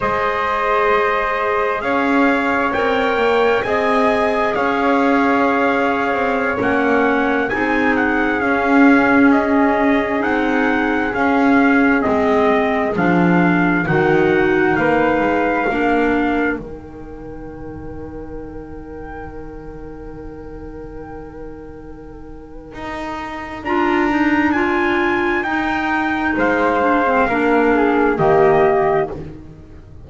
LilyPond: <<
  \new Staff \with { instrumentName = "trumpet" } { \time 4/4 \tempo 4 = 66 dis''2 f''4 g''4 | gis''4 f''2~ f''16 fis''8.~ | fis''16 gis''8 fis''8 f''4 dis''4 fis''8.~ | fis''16 f''4 dis''4 f''4 fis''8.~ |
fis''16 f''2 g''4.~ g''16~ | g''1~ | g''2 ais''4 gis''4 | g''4 f''2 dis''4 | }
  \new Staff \with { instrumentName = "flute" } { \time 4/4 c''2 cis''2 | dis''4 cis''2.~ | cis''16 gis'2.~ gis'8.~ | gis'2.~ gis'16 fis'8.~ |
fis'16 b'4 ais'2~ ais'8.~ | ais'1~ | ais'1~ | ais'4 c''4 ais'8 gis'8 g'4 | }
  \new Staff \with { instrumentName = "clarinet" } { \time 4/4 gis'2. ais'4 | gis'2.~ gis'16 cis'8.~ | cis'16 dis'4 cis'2 dis'8.~ | dis'16 cis'4 c'4 d'4 dis'8.~ |
dis'4~ dis'16 d'4 dis'4.~ dis'16~ | dis'1~ | dis'2 f'8 dis'8 f'4 | dis'4. d'16 c'16 d'4 ais4 | }
  \new Staff \with { instrumentName = "double bass" } { \time 4/4 gis2 cis'4 c'8 ais8 | c'4 cis'4.~ cis'16 c'8 ais8.~ | ais16 c'4 cis'2 c'8.~ | c'16 cis'4 gis4 f4 dis8.~ |
dis16 ais8 gis8 ais4 dis4.~ dis16~ | dis1~ | dis4 dis'4 d'2 | dis'4 gis4 ais4 dis4 | }
>>